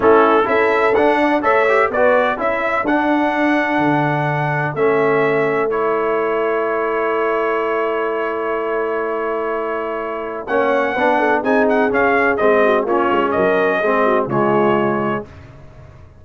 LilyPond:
<<
  \new Staff \with { instrumentName = "trumpet" } { \time 4/4 \tempo 4 = 126 a'4 e''4 fis''4 e''4 | d''4 e''4 fis''2~ | fis''2 e''2 | cis''1~ |
cis''1~ | cis''2 fis''2 | gis''8 fis''8 f''4 dis''4 cis''4 | dis''2 cis''2 | }
  \new Staff \with { instrumentName = "horn" } { \time 4/4 e'4 a'4. d''8 cis''4 | b'4 a'2.~ | a'1~ | a'1~ |
a'1~ | a'2 cis''4 b'8 a'8 | gis'2~ gis'8 fis'8 f'4 | ais'4 gis'8 fis'8 f'2 | }
  \new Staff \with { instrumentName = "trombone" } { \time 4/4 cis'4 e'4 d'4 a'8 g'8 | fis'4 e'4 d'2~ | d'2 cis'2 | e'1~ |
e'1~ | e'2 cis'4 d'4 | dis'4 cis'4 c'4 cis'4~ | cis'4 c'4 gis2 | }
  \new Staff \with { instrumentName = "tuba" } { \time 4/4 a4 cis'4 d'4 a4 | b4 cis'4 d'2 | d2 a2~ | a1~ |
a1~ | a2 ais4 b4 | c'4 cis'4 gis4 ais8 gis8 | fis4 gis4 cis2 | }
>>